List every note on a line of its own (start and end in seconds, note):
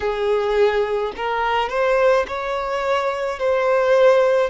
0.00 1.13 G#4
1.16 1.69 A#4
1.69 2.25 C5
2.27 3.39 C#5
3.39 4.50 C5